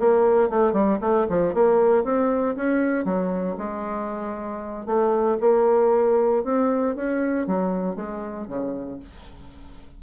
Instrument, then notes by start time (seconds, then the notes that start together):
bassoon
0.00 A#3
0.50 A3
0.73 G3
1.01 A3
1.30 F3
1.54 A#3
2.04 C4
2.57 C#4
3.05 F#3
3.58 G#3
4.86 A3
5.41 A#3
6.44 C4
6.96 C#4
7.47 F#3
7.96 G#3
8.48 C#3